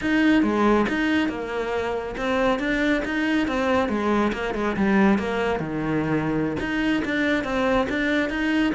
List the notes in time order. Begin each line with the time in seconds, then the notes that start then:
0.01 D#4
0.43 G#3
0.88 D#4
1.28 A#3
2.17 C4
2.59 D4
3.05 D#4
3.47 C4
3.88 G#3
4.32 A#3
4.54 G#3
4.76 G3
5.18 A#3
5.59 D#3
6.59 D#4
7.04 D4
7.44 C4
7.89 D4
8.29 D#4